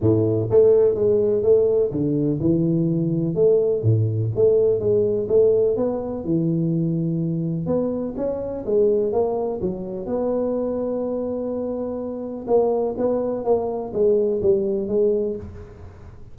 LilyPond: \new Staff \with { instrumentName = "tuba" } { \time 4/4 \tempo 4 = 125 a,4 a4 gis4 a4 | d4 e2 a4 | a,4 a4 gis4 a4 | b4 e2. |
b4 cis'4 gis4 ais4 | fis4 b2.~ | b2 ais4 b4 | ais4 gis4 g4 gis4 | }